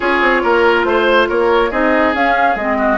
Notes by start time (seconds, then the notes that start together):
0.00 C#4 F4 G#4 C#5
0.21 C4
0.43 A#3 A#4
0.84 A3 C5
1.29 A#3 A#4 C#5
1.70 C4 D#4 G#4 D#5
2.14 C#4 F5
2.55 G#3 C4 D#5
2.77 F#4